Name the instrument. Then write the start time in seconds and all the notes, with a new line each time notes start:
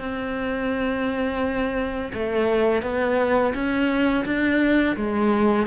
cello
0.00 C4
2.14 A3
2.82 B3
3.54 C#4
4.25 D4
4.96 G#3